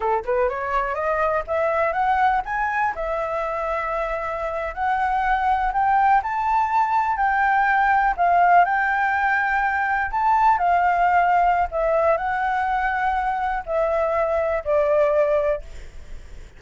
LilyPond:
\new Staff \with { instrumentName = "flute" } { \time 4/4 \tempo 4 = 123 a'8 b'8 cis''4 dis''4 e''4 | fis''4 gis''4 e''2~ | e''4.~ e''16 fis''2 g''16~ | g''8. a''2 g''4~ g''16~ |
g''8. f''4 g''2~ g''16~ | g''8. a''4 f''2~ f''16 | e''4 fis''2. | e''2 d''2 | }